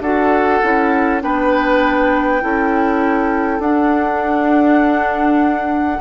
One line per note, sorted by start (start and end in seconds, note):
0.00 0.60 D4
0.00 0.63 F#4
0.00 1.23 A4
0.00 1.22 F#5
0.63 1.23 C#4
0.63 1.21 E4
1.21 2.43 B3
1.21 2.41 D4
1.21 2.44 B4
1.21 3.62 G5
2.41 3.60 C#4
2.41 3.61 E4
2.41 6.01 A4
3.60 6.00 D4
3.60 6.01 D4
3.60 6.01 F#5